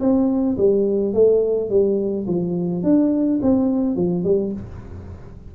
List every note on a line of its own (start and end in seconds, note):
0.00 0.57 C4
0.57 1.14 G3
1.14 1.70 A3
1.70 2.26 G3
2.27 2.84 F3
2.84 3.40 D4
3.42 3.96 C4
3.96 4.24 F3
4.24 4.53 G3